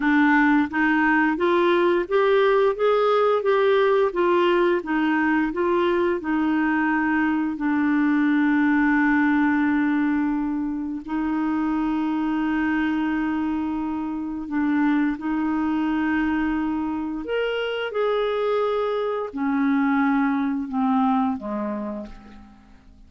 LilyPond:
\new Staff \with { instrumentName = "clarinet" } { \time 4/4 \tempo 4 = 87 d'4 dis'4 f'4 g'4 | gis'4 g'4 f'4 dis'4 | f'4 dis'2 d'4~ | d'1 |
dis'1~ | dis'4 d'4 dis'2~ | dis'4 ais'4 gis'2 | cis'2 c'4 gis4 | }